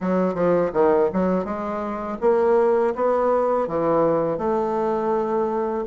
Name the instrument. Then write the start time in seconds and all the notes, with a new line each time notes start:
bassoon
0.00 F#3
0.34 F3
0.73 D#3
1.13 F#3
1.44 G#3
2.21 A#3
2.95 B3
3.67 E3
4.38 A3